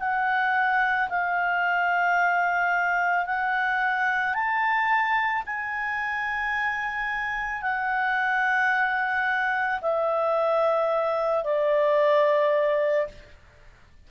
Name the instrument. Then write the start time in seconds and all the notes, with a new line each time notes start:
clarinet
0.00 F#5
1.10 F5
3.26 F#5
4.34 A5
5.46 G#5
7.62 F#5
9.81 E5
11.44 D5